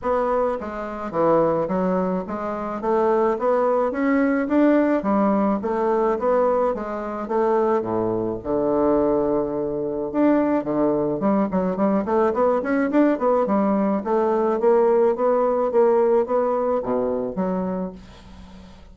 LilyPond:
\new Staff \with { instrumentName = "bassoon" } { \time 4/4 \tempo 4 = 107 b4 gis4 e4 fis4 | gis4 a4 b4 cis'4 | d'4 g4 a4 b4 | gis4 a4 a,4 d4~ |
d2 d'4 d4 | g8 fis8 g8 a8 b8 cis'8 d'8 b8 | g4 a4 ais4 b4 | ais4 b4 b,4 fis4 | }